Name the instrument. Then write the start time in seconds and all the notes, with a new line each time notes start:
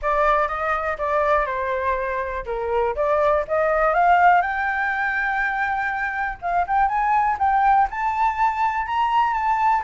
flute
0.02 D5
0.48 D#5
0.98 D5
1.46 C5
2.45 A#4
2.95 D5
3.47 D#5
3.94 F5
4.42 G5
6.41 F5
6.67 G5
6.88 G#5
7.38 G5
7.90 A5
8.86 A#5
9.33 A5